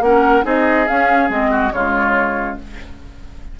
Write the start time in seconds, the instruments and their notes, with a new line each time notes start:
0.00 bassoon A#3, clarinet C#4, oboe A#4, flute F#5
0.43 bassoon C4, clarinet D#4, oboe G#4, flute D#5
0.88 clarinet C#4, bassoon C#4, flute F5
1.29 bassoon G#3, clarinet C4, flute D#5
1.51 oboe F#4
1.73 bassoon C#3, clarinet G#3, oboe F4, flute C#5